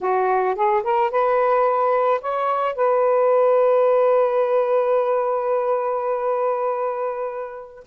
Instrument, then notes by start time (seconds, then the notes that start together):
saxophone
0.00 F#4
0.55 G#4
0.83 A#4
1.10 B4
2.21 C#5
2.75 B4